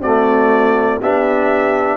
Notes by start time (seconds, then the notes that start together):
0.00 A3 C4 F#4 D5
1.02 B3 D4 G4 E5